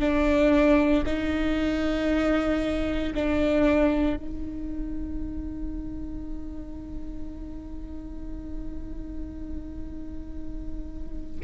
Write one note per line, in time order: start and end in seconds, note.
0.00 1.03 D4
1.07 3.14 D#4
3.16 4.17 D4
4.17 11.41 D#4